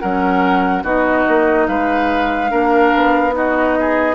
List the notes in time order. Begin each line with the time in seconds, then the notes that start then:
0.00 F#3 C#4 A#4 F#5
0.84 B3 D#4 F#4 D#5
1.28 A#3
1.68 G#3 B4 F5
2.49 A#3 D4 A#4
2.95 B3
3.32 D#4 F#4 D#5
3.80 G#4